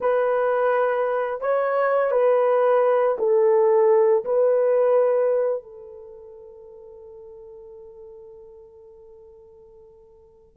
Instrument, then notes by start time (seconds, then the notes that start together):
horn
0.00 B4
1.40 C#5
2.11 B4
3.18 A4
4.24 B4
5.62 A4